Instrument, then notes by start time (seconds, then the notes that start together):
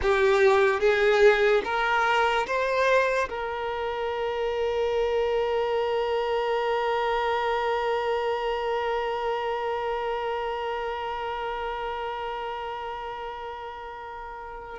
violin
0.01 G4
0.80 G#4
1.64 A#4
2.46 C5
3.29 A#4